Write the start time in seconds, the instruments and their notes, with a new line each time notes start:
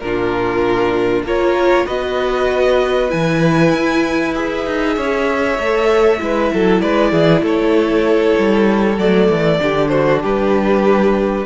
0.00 cello A#2, viola D4, violin F4 A#4
1.23 cello A#3, viola F4, violin A#4 C#5
1.86 cello B3, viola F#4, violin B4 D#5
3.09 cello E3, viola E4, violin G#5
3.74 cello E4
4.35 viola G#4, violin E5
4.67 cello D#4
4.96 cello C#4, violin C#5
5.58 cello A3, viola A4
6.18 cello G#3, viola E4, violin B4
6.54 cello F#3, violin A4
6.81 cello G#3, violin B4 D5
7.11 cello E3, violin G#4
7.41 cello A3, violin A4 C#5
8.38 cello G3
8.98 cello F#3, viola A3, violin D5
9.29 cello E3
9.59 cello D3, viola D4, violin G4
9.89 violin F#4 C5
10.23 cello G3, violin G4 B4